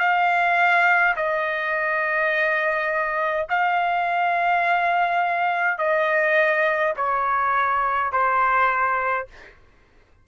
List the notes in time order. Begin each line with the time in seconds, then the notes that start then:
0.00 F5
1.17 D#5
3.50 F5
5.79 D#5
6.97 C#5
8.12 C5